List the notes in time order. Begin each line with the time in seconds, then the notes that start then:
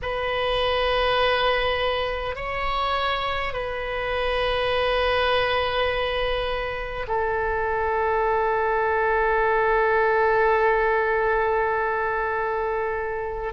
0.02 B4
2.35 C#5
3.53 B4
7.07 A4